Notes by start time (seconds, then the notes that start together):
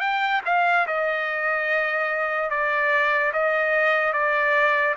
0.00 G5
0.45 F5
0.86 D#5
2.50 D5
3.33 D#5
4.12 D5